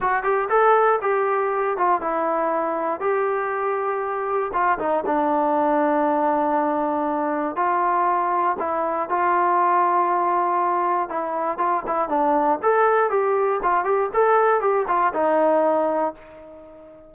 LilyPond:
\new Staff \with { instrumentName = "trombone" } { \time 4/4 \tempo 4 = 119 fis'8 g'8 a'4 g'4. f'8 | e'2 g'2~ | g'4 f'8 dis'8 d'2~ | d'2. f'4~ |
f'4 e'4 f'2~ | f'2 e'4 f'8 e'8 | d'4 a'4 g'4 f'8 g'8 | a'4 g'8 f'8 dis'2 | }